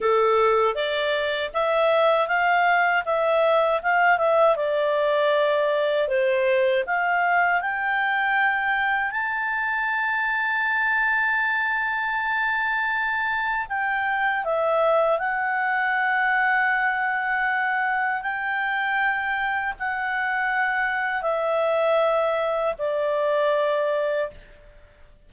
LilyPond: \new Staff \with { instrumentName = "clarinet" } { \time 4/4 \tempo 4 = 79 a'4 d''4 e''4 f''4 | e''4 f''8 e''8 d''2 | c''4 f''4 g''2 | a''1~ |
a''2 g''4 e''4 | fis''1 | g''2 fis''2 | e''2 d''2 | }